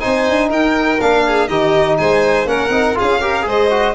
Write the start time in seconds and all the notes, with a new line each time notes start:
0.00 C4 D#4 C5 G#5
0.29 D4
0.49 D#4 A#4 G5
1.01 A#3 D4 F5
1.27 G#4
1.48 D#3 D#4 G4 D#5
1.98 G#3 C5 G#5
2.45 A#3 C#4 A#4 F#5
2.69 C4 D#4
2.95 F4 G#4 F5
3.01 C#4
3.21 G4 A#4
3.42 G#3 G#4 C5
3.50 D#5
3.70 F#4